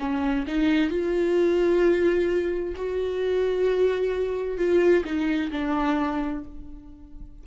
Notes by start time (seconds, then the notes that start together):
0.00 C#4
0.47 D#4
0.90 F4
2.76 F#4
4.58 F4
5.05 D#4
5.52 D4